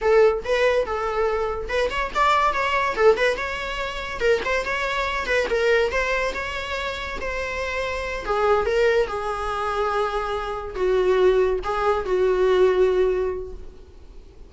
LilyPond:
\new Staff \with { instrumentName = "viola" } { \time 4/4 \tempo 4 = 142 a'4 b'4 a'2 | b'8 cis''8 d''4 cis''4 a'8 b'8 | cis''2 ais'8 c''8 cis''4~ | cis''8 b'8 ais'4 c''4 cis''4~ |
cis''4 c''2~ c''8 gis'8~ | gis'8 ais'4 gis'2~ gis'8~ | gis'4. fis'2 gis'8~ | gis'8 fis'2.~ fis'8 | }